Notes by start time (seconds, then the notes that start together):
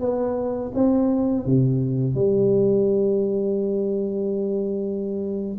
0.00 B3
0.75 C4
1.46 C3
2.15 G3